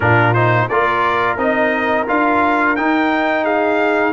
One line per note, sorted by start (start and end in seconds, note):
0.00 0.66 A#2
0.00 0.35 D4
0.00 0.69 F4
0.00 0.33 A#4
0.33 0.69 D#4
0.33 0.68 C5
0.68 1.37 A#3
0.68 1.37 F4
0.68 3.44 A#4
0.68 1.37 D5
1.37 2.06 C4
1.37 2.06 D#4
1.37 2.07 D#5
2.07 2.76 D4
2.07 2.76 F4
2.07 2.76 F5
2.76 4.12 D#4
2.76 3.44 G5
3.44 4.12 G#4
3.44 4.12 F5